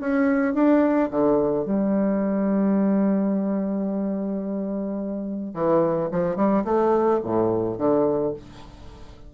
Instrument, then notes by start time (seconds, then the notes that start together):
bassoon
0.00 C#4
0.54 D4
1.11 D3
1.65 G3
5.54 E3
6.11 F3
6.36 G3
6.64 A3
7.23 A2
7.78 D3